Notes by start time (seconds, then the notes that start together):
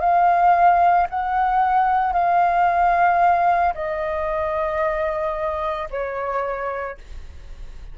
0.00 F5
1.10 F#5
2.13 F5
3.75 D#5
5.90 C#5